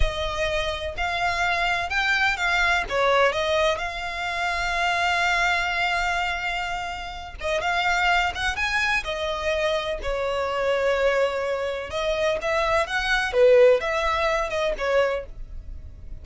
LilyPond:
\new Staff \with { instrumentName = "violin" } { \time 4/4 \tempo 4 = 126 dis''2 f''2 | g''4 f''4 cis''4 dis''4 | f''1~ | f''2.~ f''8 dis''8 |
f''4. fis''8 gis''4 dis''4~ | dis''4 cis''2.~ | cis''4 dis''4 e''4 fis''4 | b'4 e''4. dis''8 cis''4 | }